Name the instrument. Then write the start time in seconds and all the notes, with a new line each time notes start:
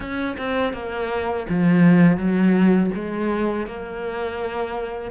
cello
0.00 C#4
0.37 C4
0.73 A#3
1.49 F3
2.17 F#3
2.94 G#3
3.66 A#3